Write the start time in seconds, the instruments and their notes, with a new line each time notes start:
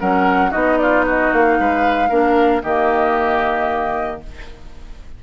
0.00 bassoon F#3, clarinet C#4, oboe A#4, flute F#5
0.50 bassoon B3, clarinet D#4, oboe F#4, flute D#5
0.78 oboe F4, flute D5
1.05 oboe F#4, flute D#5
1.33 bassoon A#3, flute F5
1.59 bassoon G#3, oboe B4
2.09 bassoon A#3, clarinet D4, oboe A#4
2.63 bassoon D#3, clarinet A#3, oboe G4, flute D#5